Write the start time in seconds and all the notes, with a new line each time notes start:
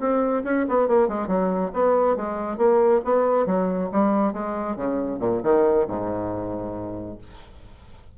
0.00 C4
0.44 C#4
0.69 B3
0.88 A#3
1.08 G#3
1.28 F#3
1.74 B3
2.16 G#3
2.58 A#3
3.05 B3
3.47 F#3
3.92 G3
4.33 G#3
4.76 C#3
5.20 A#2
5.43 D#3
5.88 G#2